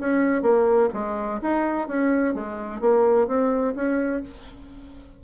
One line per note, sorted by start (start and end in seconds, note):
0.00 0.43 C#4
0.43 0.90 A#3
0.94 1.41 G#3
1.42 1.88 D#4
1.88 2.35 C#4
2.35 2.81 G#3
2.81 3.28 A#3
3.28 3.75 C4
3.76 4.23 C#4